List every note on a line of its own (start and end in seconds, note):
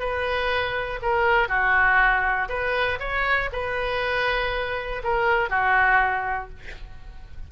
0.00 1.00 B4
1.03 1.49 A#4
1.49 2.49 F#4
2.49 2.99 B4
3.00 3.50 C#5
3.53 5.03 B4
5.04 5.50 A#4
5.50 6.50 F#4